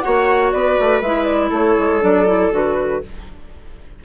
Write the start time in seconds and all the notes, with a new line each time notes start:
0.00 A#3 F#4 C#5 F#5
0.51 B3 B4 D5
0.79 A3
1.01 G#3 E4 E5
1.24 D5
1.49 A3 A4 C#5
1.78 G#3
2.00 F#3 D4 D5
2.26 E4
2.51 D3 F#4 B4